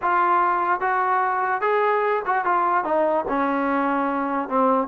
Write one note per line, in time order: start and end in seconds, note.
0.02 0.80 F4
0.80 1.61 F#4
1.61 2.22 G#4
2.25 2.45 F#4
2.45 2.84 F4
2.84 3.25 D#4
3.28 4.49 C#4
4.49 4.87 C4